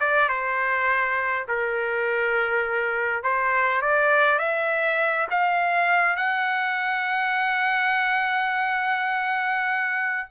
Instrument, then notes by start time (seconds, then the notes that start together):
trumpet
0.00 D5
0.29 C5
1.48 A#4
3.23 C5
3.82 D5
4.39 E5
5.30 F5
6.16 F#5